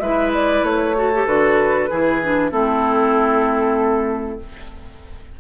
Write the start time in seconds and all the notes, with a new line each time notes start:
0.00 G#3 E4 B4 E5
0.34 D5
0.63 A3 C#5
0.96 F#4 A4
1.14 G4
1.27 D3 F#4 B4
1.90 E3 E4 G#4
2.23 D4
2.51 A3 C4 E4 A4